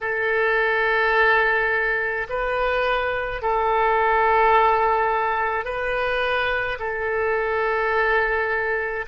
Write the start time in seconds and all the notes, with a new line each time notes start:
0.01 A4
2.29 B4
3.42 A4
5.64 B4
6.79 A4